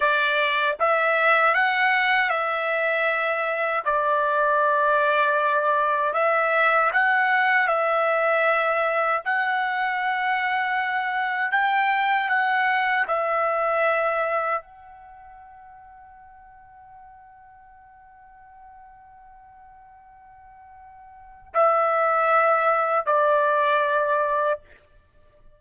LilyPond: \new Staff \with { instrumentName = "trumpet" } { \time 4/4 \tempo 4 = 78 d''4 e''4 fis''4 e''4~ | e''4 d''2. | e''4 fis''4 e''2 | fis''2. g''4 |
fis''4 e''2 fis''4~ | fis''1~ | fis''1 | e''2 d''2 | }